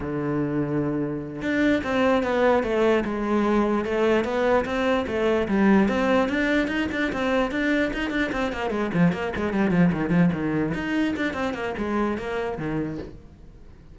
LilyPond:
\new Staff \with { instrumentName = "cello" } { \time 4/4 \tempo 4 = 148 d2.~ d8 d'8~ | d'8 c'4 b4 a4 gis8~ | gis4. a4 b4 c'8~ | c'8 a4 g4 c'4 d'8~ |
d'8 dis'8 d'8 c'4 d'4 dis'8 | d'8 c'8 ais8 gis8 f8 ais8 gis8 g8 | f8 dis8 f8 dis4 dis'4 d'8 | c'8 ais8 gis4 ais4 dis4 | }